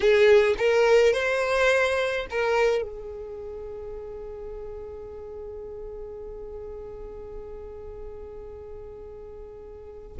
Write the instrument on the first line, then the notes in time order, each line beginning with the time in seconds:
violin
0.00 G#4
0.58 A#4
1.13 C5
2.30 A#4
2.82 G#4